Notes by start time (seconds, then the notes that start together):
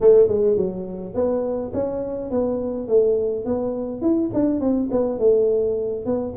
0.01 A3
0.27 G#3
0.56 F#3
1.14 B3
1.73 C#4
2.31 B3
2.87 A3
3.45 B3
4.01 E4
4.33 D4
4.60 C4
4.91 B3
5.18 A3
6.05 B3